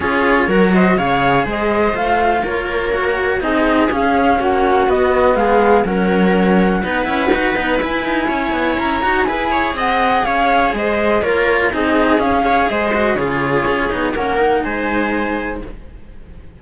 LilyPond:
<<
  \new Staff \with { instrumentName = "flute" } { \time 4/4 \tempo 4 = 123 cis''4. dis''8 f''4 dis''4 | f''4 cis''2 dis''4 | f''4 fis''4 dis''4 f''4 | fis''1 |
gis''2 ais''4 gis''4 | fis''4 f''4 dis''4 cis''4 | dis''4 f''4 dis''4 cis''4~ | cis''4 fis''4 gis''2 | }
  \new Staff \with { instrumentName = "viola" } { \time 4/4 gis'4 ais'8 c''8 cis''4 c''4~ | c''4 ais'2 gis'4~ | gis'4 fis'2 gis'4 | ais'2 b'2~ |
b'4 cis''2 b'8 cis''8 | dis''4 cis''4 c''4 ais'4 | gis'4. cis''8 c''4 gis'4~ | gis'4 ais'4 c''2 | }
  \new Staff \with { instrumentName = "cello" } { \time 4/4 f'4 fis'4 gis'2 | f'2 fis'4 dis'4 | cis'2 b2 | cis'2 dis'8 e'8 fis'8 dis'8 |
e'2~ e'8 fis'8 gis'4~ | gis'2. f'4 | dis'4 cis'8 gis'4 fis'8 f'4~ | f'8 dis'8 cis'8 dis'2~ dis'8 | }
  \new Staff \with { instrumentName = "cello" } { \time 4/4 cis'4 fis4 cis4 gis4 | a4 ais2 c'4 | cis'4 ais4 b4 gis4 | fis2 b8 cis'8 dis'8 b8 |
e'8 dis'8 cis'8 b8 cis'8 dis'8 e'4 | c'4 cis'4 gis4 ais4 | c'4 cis'4 gis4 cis4 | cis'8 b8 ais4 gis2 | }
>>